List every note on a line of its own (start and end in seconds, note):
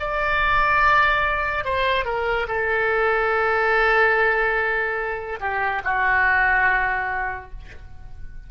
0.00 1.65 D5
1.65 2.05 C5
2.05 2.47 A#4
2.48 5.40 A4
5.40 5.82 G4
5.84 7.51 F#4